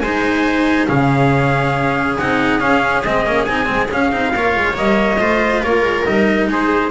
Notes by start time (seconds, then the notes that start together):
0.00 G#3 D#4 C5 G#5
0.87 C#3 C#4 G#4 F5
2.18 C4 D#4 F#5
2.59 C#4 F5
3.04 G#3 C4 D#5
3.26 A#3 C#4
3.44 C4 D#4 G#5
3.65 G#3 C4
3.90 C#4 F5
4.12 C4 D#4
4.35 A#3 F4 C#5
4.55 G#3
4.73 G3 A#3 D#5
5.18 A3 F4 C5
5.62 A#3 A#4 C#5
5.81 G#3
6.05 G3 D#4 D#5
6.48 G#3 G#4 C5